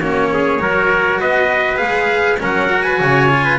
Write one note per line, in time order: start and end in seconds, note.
0.00 0.59 A#3
0.00 0.59 C#4
0.00 0.30 F#4
0.00 1.21 C#5
0.33 0.61 G#4
0.59 1.20 F#3
0.59 1.77 F#4
0.59 1.20 A#4
1.20 1.82 B3
1.20 2.40 B4
1.20 1.78 D#5
1.77 2.42 G#3
1.77 2.37 G#4
1.77 2.38 F5
2.40 3.00 F#3
2.40 2.69 C#4
2.40 2.84 A#4
2.40 2.83 F#5
2.69 3.29 F#4
2.83 2.99 B4
2.83 3.58 G#5
3.00 3.59 C#3
3.00 3.45 C#5
3.30 3.59 F4
3.45 3.59 B4